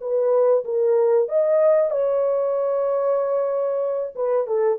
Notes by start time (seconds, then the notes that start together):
0.00 B4
0.64 A#4
1.28 D#5
1.90 C#5
4.15 B4
4.47 A4